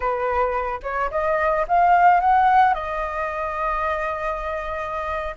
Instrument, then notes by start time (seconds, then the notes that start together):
flute
0.00 B4
0.83 C#5
1.10 D#5
1.67 F5
2.20 F#5
2.73 D#5